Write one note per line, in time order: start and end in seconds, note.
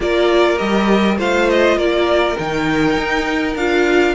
0.00 0.59 A#3
0.00 0.57 F4
0.00 1.18 A#4
0.00 0.57 D5
0.57 1.18 G3
0.57 1.16 G4
0.57 1.17 D#5
1.18 1.76 A3
1.18 2.36 F4
1.18 1.77 C5
1.18 1.49 F5
1.49 1.78 D#5
1.76 2.36 A#3
1.76 4.14 A#4
1.76 2.37 D5
2.38 2.97 D#3
2.38 3.57 D#4
2.38 3.56 G5
2.97 3.55 D#4
3.55 4.14 D4
3.55 4.14 F4
3.55 4.14 F5